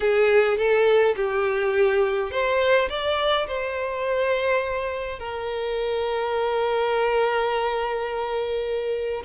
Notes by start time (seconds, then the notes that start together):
0.00 G#4
0.57 A4
1.16 G4
2.31 C5
2.89 D5
3.47 C5
5.19 A#4